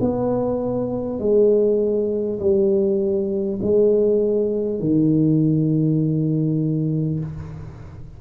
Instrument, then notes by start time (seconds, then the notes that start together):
tuba
0.00 B3
1.19 G#3
2.39 G3
3.62 G#3
4.79 D#3